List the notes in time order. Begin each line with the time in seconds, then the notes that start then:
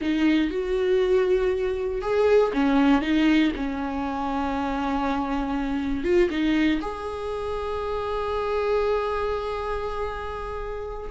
0.01 D#4
0.50 F#4
2.01 G#4
2.53 C#4
3.01 D#4
3.55 C#4
6.04 F4
6.30 D#4
6.81 G#4